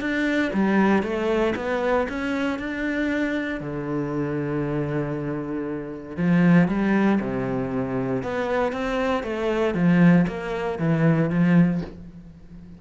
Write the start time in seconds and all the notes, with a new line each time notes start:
0.00 D4
0.53 G3
1.03 A3
1.55 B3
2.09 C#4
2.59 D4
3.60 D3
6.17 F3
6.68 G3
7.20 C3
8.22 B3
8.72 C4
9.23 A3
9.74 F3
10.27 A#3
10.79 E3
11.30 F3